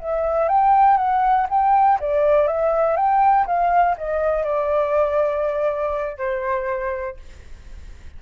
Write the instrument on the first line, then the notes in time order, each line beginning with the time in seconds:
flute
0.00 E5
0.48 G5
0.97 F#5
1.50 G5
2.00 D5
2.47 E5
2.96 G5
3.47 F5
3.98 D#5
4.44 D5
6.18 C5